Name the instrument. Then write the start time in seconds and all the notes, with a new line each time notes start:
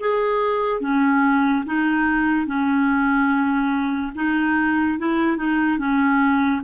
clarinet
0.00 G#4
0.81 C#4
1.66 D#4
2.47 C#4
4.16 D#4
4.99 E4
5.37 D#4
5.78 C#4